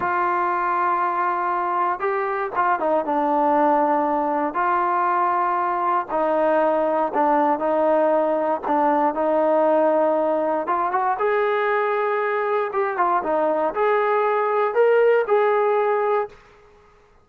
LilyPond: \new Staff \with { instrumentName = "trombone" } { \time 4/4 \tempo 4 = 118 f'1 | g'4 f'8 dis'8 d'2~ | d'4 f'2. | dis'2 d'4 dis'4~ |
dis'4 d'4 dis'2~ | dis'4 f'8 fis'8 gis'2~ | gis'4 g'8 f'8 dis'4 gis'4~ | gis'4 ais'4 gis'2 | }